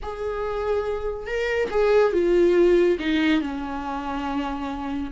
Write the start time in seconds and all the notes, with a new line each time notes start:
0.02 G#4
1.26 A#4
1.70 G#4
2.13 F4
2.99 D#4
3.41 C#4